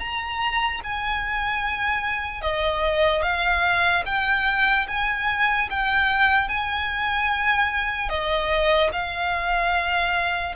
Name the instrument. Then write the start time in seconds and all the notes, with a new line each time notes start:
violin
0.00 A#5
0.84 G#5
2.42 D#5
3.23 F5
4.06 G5
4.88 G#5
5.70 G5
6.49 G#5
8.09 D#5
8.93 F5